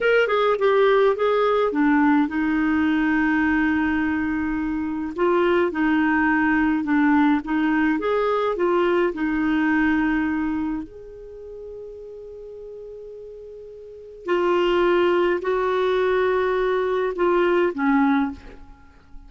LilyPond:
\new Staff \with { instrumentName = "clarinet" } { \time 4/4 \tempo 4 = 105 ais'8 gis'8 g'4 gis'4 d'4 | dis'1~ | dis'4 f'4 dis'2 | d'4 dis'4 gis'4 f'4 |
dis'2. gis'4~ | gis'1~ | gis'4 f'2 fis'4~ | fis'2 f'4 cis'4 | }